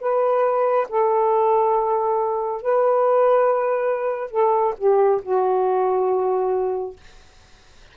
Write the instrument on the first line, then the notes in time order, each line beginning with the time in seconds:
saxophone
0.00 B4
0.89 A4
2.62 B4
4.31 A4
4.77 G4
5.23 F#4